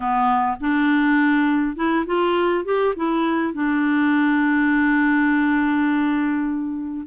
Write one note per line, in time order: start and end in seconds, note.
0.00 0.56 B3
0.60 1.75 D4
1.75 2.05 E4
2.06 2.65 F4
2.65 2.94 G4
2.95 3.53 E4
3.53 7.06 D4